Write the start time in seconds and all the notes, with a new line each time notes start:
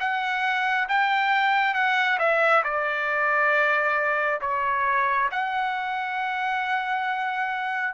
0.00 F#5
0.89 G5
1.74 F#5
2.19 E5
2.64 D5
4.41 C#5
5.31 F#5